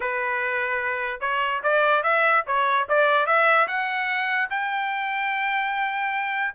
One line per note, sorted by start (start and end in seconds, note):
0.00 1.20 B4
1.20 1.61 C#5
1.63 2.03 D5
2.03 2.44 E5
2.46 2.87 C#5
2.88 3.26 D5
3.26 3.67 E5
3.67 4.49 F#5
4.50 6.54 G5